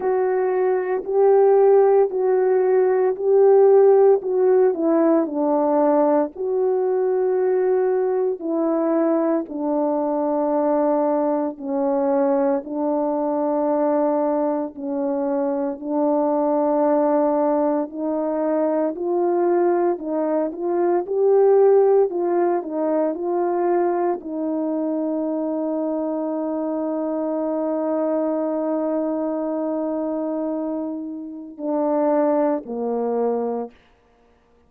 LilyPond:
\new Staff \with { instrumentName = "horn" } { \time 4/4 \tempo 4 = 57 fis'4 g'4 fis'4 g'4 | fis'8 e'8 d'4 fis'2 | e'4 d'2 cis'4 | d'2 cis'4 d'4~ |
d'4 dis'4 f'4 dis'8 f'8 | g'4 f'8 dis'8 f'4 dis'4~ | dis'1~ | dis'2 d'4 ais4 | }